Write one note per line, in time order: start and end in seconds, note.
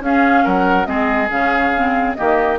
0.00 0.43 C#4
0.00 0.85 C#4
0.00 0.44 G#4
0.00 0.47 F5
0.44 0.86 F#3
0.44 0.87 A#4
0.44 0.86 F#5
0.85 1.29 G#3
0.85 1.28 C4
0.85 2.17 G#4
0.85 1.28 D#5
1.30 2.17 C#3
1.30 1.73 C#4
1.30 2.14 F5
1.76 2.17 C4
2.14 2.58 D#3
2.14 2.58 A#3
2.14 2.58 G4
2.14 2.57 D#5